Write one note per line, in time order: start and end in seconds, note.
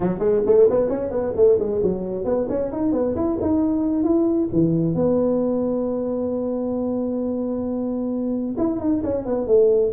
0.00 0.19 F#3
0.19 0.41 G#3
0.46 0.68 A3
0.70 0.89 B3
0.89 1.10 C#4
1.10 1.33 B3
1.35 1.58 A3
1.59 1.81 G#3
1.83 2.24 F#3
2.24 2.47 B3
2.49 2.71 C#4
2.72 2.92 D#4
2.92 3.15 B3
3.15 3.38 E4
3.41 4.03 D#4
4.03 4.48 E4
4.52 4.94 E3
4.94 8.55 B3
8.57 8.80 E4
8.80 9.02 D#4
9.03 9.25 C#4
9.25 9.47 B3
9.47 9.92 A3